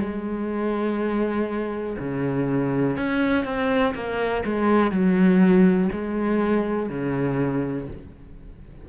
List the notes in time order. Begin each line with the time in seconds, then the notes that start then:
0.00 G#3
1.99 C#3
2.96 C#4
3.45 C4
3.94 A#3
4.45 G#3
4.91 F#3
5.92 G#3
6.89 C#3